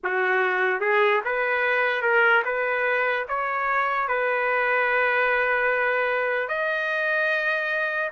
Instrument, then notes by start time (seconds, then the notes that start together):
trumpet
0.03 F#4
0.80 G#4
1.25 B4
2.02 A#4
2.44 B4
3.28 C#5
4.08 B4
6.48 D#5